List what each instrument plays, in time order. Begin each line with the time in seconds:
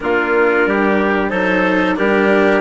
0.00 bassoon A#3, cello D4, trumpet F4, clarinet A#4
0.66 bassoon G3, trumpet G4
1.29 bassoon F#3, cello D#4, trumpet A4, clarinet C5
1.96 bassoon G3, cello D4, trumpet G4, clarinet A#4